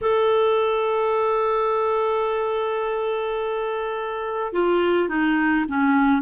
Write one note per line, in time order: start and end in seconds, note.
0.01 4.53 A4
4.53 5.08 F4
5.08 5.65 D#4
5.68 6.21 C#4